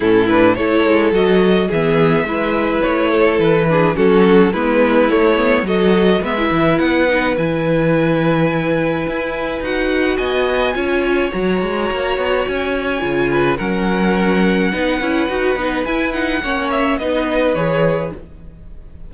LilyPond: <<
  \new Staff \with { instrumentName = "violin" } { \time 4/4 \tempo 4 = 106 a'8 b'8 cis''4 dis''4 e''4~ | e''4 cis''4 b'4 a'4 | b'4 cis''4 dis''4 e''4 | fis''4 gis''2.~ |
gis''4 fis''4 gis''2 | ais''2 gis''2 | fis''1 | gis''8 fis''4 e''8 dis''4 cis''4 | }
  \new Staff \with { instrumentName = "violin" } { \time 4/4 e'4 a'2 gis'4 | b'4. a'4 gis'8 fis'4 | e'2 a'4 b'4~ | b'1~ |
b'2 dis''4 cis''4~ | cis''2.~ cis''8 b'8 | ais'2 b'2~ | b'4 cis''4 b'2 | }
  \new Staff \with { instrumentName = "viola" } { \time 4/4 cis'8 d'8 e'4 fis'4 b4 | e'2~ e'8 d'8 cis'4 | b4 a8 b8 fis'4 b16 e'8.~ | e'8 dis'8 e'2.~ |
e'4 fis'2 f'4 | fis'2. f'4 | cis'2 dis'8 e'8 fis'8 dis'8 | e'8 dis'8 cis'4 dis'4 gis'4 | }
  \new Staff \with { instrumentName = "cello" } { \time 4/4 a,4 a8 gis8 fis4 e4 | gis4 a4 e4 fis4 | gis4 a4 fis4 gis8 e8 | b4 e2. |
e'4 dis'4 b4 cis'4 | fis8 gis8 ais8 b8 cis'4 cis4 | fis2 b8 cis'8 dis'8 b8 | e'4 ais4 b4 e4 | }
>>